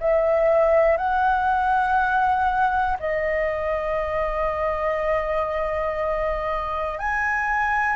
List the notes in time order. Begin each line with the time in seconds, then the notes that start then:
0.00 E5
0.98 F#5
3.00 D#5
6.99 G#5